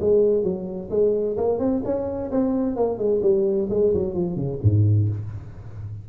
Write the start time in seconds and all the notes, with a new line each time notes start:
0.00 G#3
0.43 F#3
0.90 G#3
1.37 A#3
1.59 C4
1.84 C#4
2.31 C4
2.76 A#3
2.98 G#3
3.22 G3
3.70 G#3
3.94 F#3
4.14 F3
4.35 C#3
4.62 G#2